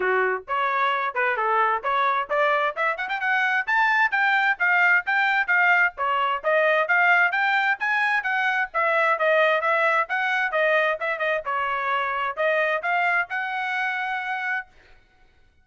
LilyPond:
\new Staff \with { instrumentName = "trumpet" } { \time 4/4 \tempo 4 = 131 fis'4 cis''4. b'8 a'4 | cis''4 d''4 e''8 fis''16 g''16 fis''4 | a''4 g''4 f''4 g''4 | f''4 cis''4 dis''4 f''4 |
g''4 gis''4 fis''4 e''4 | dis''4 e''4 fis''4 dis''4 | e''8 dis''8 cis''2 dis''4 | f''4 fis''2. | }